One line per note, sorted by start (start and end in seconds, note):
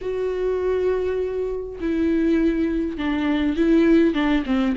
0.01 1.79 F#4
1.80 2.97 E4
2.97 3.56 D4
3.56 4.14 E4
4.14 4.43 D4
4.46 4.75 C4